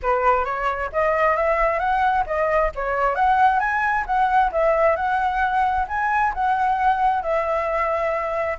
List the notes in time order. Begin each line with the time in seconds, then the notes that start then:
0.02 B4
0.44 C#5
0.92 D#5
1.36 E5
1.79 F#5
2.26 D#5
2.75 C#5
3.15 F#5
3.59 G#5
4.06 F#5
4.51 E5
4.96 F#5
5.88 G#5
6.34 F#5
7.22 E5